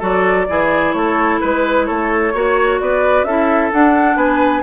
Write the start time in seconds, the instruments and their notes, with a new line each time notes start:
0.00 bassoon F#3, clarinet F#4, oboe A4, flute D5
0.49 bassoon E3, clarinet E4, oboe G#4
0.93 bassoon A3, oboe A4, flute C#5
1.41 bassoon G#3, flute B4, oboe B4
1.86 bassoon A3, oboe A4, flute C#5
2.34 bassoon A#3, clarinet F#4, oboe C#5
2.81 bassoon B3, oboe B4, flute D5
3.24 bassoon C#4, clarinet E4, oboe A4, flute E5
3.72 clarinet D4, bassoon D4, flute F#5
4.16 bassoon B3, oboe B4, flute G#5